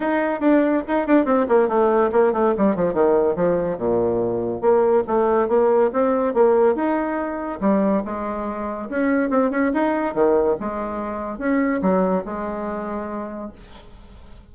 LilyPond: \new Staff \with { instrumentName = "bassoon" } { \time 4/4 \tempo 4 = 142 dis'4 d'4 dis'8 d'8 c'8 ais8 | a4 ais8 a8 g8 f8 dis4 | f4 ais,2 ais4 | a4 ais4 c'4 ais4 |
dis'2 g4 gis4~ | gis4 cis'4 c'8 cis'8 dis'4 | dis4 gis2 cis'4 | fis4 gis2. | }